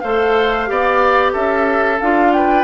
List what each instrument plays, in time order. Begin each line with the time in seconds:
0.00 bassoon A3, clarinet A4, oboe C5, flute F5
0.66 bassoon B3, clarinet G4, oboe D5
1.32 bassoon C#4, oboe A4, flute E5
2.00 bassoon D4, clarinet F4, flute F5
2.32 oboe B4, flute G5